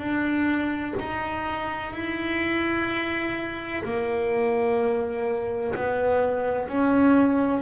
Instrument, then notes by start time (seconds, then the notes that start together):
double bass
0.00 D4
1.00 D#4
1.94 E4
3.84 A#3
5.75 B3
6.69 C#4